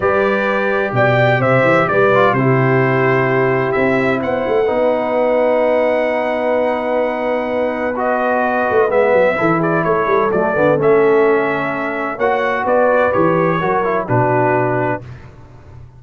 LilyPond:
<<
  \new Staff \with { instrumentName = "trumpet" } { \time 4/4 \tempo 4 = 128 d''2 g''4 e''4 | d''4 c''2. | e''4 fis''2.~ | fis''1~ |
fis''4 dis''2 e''4~ | e''8 d''8 cis''4 d''4 e''4~ | e''2 fis''4 d''4 | cis''2 b'2 | }
  \new Staff \with { instrumentName = "horn" } { \time 4/4 b'2 d''4 c''4 | b'4 g'2.~ | g'4 c''4 b'2~ | b'1~ |
b'1 | a'8 gis'8 a'2.~ | a'2 cis''4 b'4~ | b'4 ais'4 fis'2 | }
  \new Staff \with { instrumentName = "trombone" } { \time 4/4 g'1~ | g'8 f'8 e'2.~ | e'2 dis'2~ | dis'1~ |
dis'4 fis'2 b4 | e'2 a8 b8 cis'4~ | cis'2 fis'2 | g'4 fis'8 e'8 d'2 | }
  \new Staff \with { instrumentName = "tuba" } { \time 4/4 g2 b,4 c8 e8 | g4 c2. | c'4 b8 a8 b2~ | b1~ |
b2~ b8 a8 gis8 fis8 | e4 a8 g8 fis8 d8 a4~ | a2 ais4 b4 | e4 fis4 b,2 | }
>>